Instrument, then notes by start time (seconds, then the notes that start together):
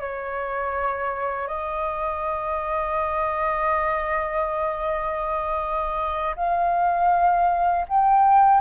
flute
0.00 C#5
1.48 D#5
6.36 F5
7.89 G5